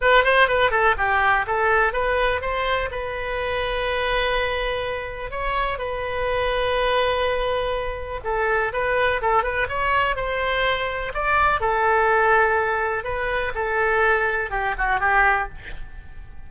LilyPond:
\new Staff \with { instrumentName = "oboe" } { \time 4/4 \tempo 4 = 124 b'8 c''8 b'8 a'8 g'4 a'4 | b'4 c''4 b'2~ | b'2. cis''4 | b'1~ |
b'4 a'4 b'4 a'8 b'8 | cis''4 c''2 d''4 | a'2. b'4 | a'2 g'8 fis'8 g'4 | }